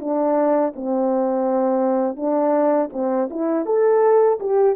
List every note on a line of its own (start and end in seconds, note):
0.00 0.73 D4
0.75 2.17 C4
2.17 2.90 D4
2.93 3.29 C4
3.30 3.66 E4
3.66 4.39 A4
4.40 4.76 G4